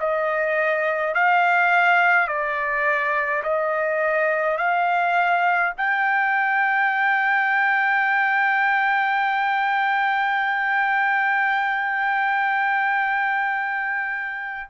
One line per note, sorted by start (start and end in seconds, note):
0.00 1.14 D#5
1.14 2.28 F5
2.28 3.43 D5
3.44 4.58 D#5
4.58 5.73 F5
5.77 14.70 G5